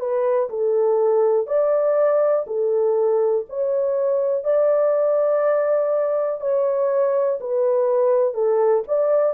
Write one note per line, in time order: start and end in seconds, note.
0.00 0.49 B4
0.50 1.47 A4
1.47 2.45 D5
2.47 3.46 A4
3.49 4.44 C#5
4.44 6.41 D5
6.41 7.39 C#5
7.41 8.34 B4
8.34 8.83 A4
8.88 9.34 D5